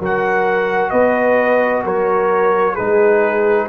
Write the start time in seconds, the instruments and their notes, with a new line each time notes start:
0.00 tuba F#3, trombone F#4, horn A#4, trumpet F#5
0.90 tuba B3, horn B4, trumpet D#5
1.84 tuba F#3, horn A#4, trumpet C#5
2.74 tuba G#3, trombone D#4, horn G#4, trumpet B4